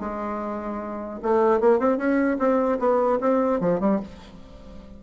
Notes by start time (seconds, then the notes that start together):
0.00 G#3
1.22 A3
1.61 A#3
1.79 C4
1.98 C#4
2.39 C4
2.79 B3
3.21 C4
3.61 F3
3.80 G3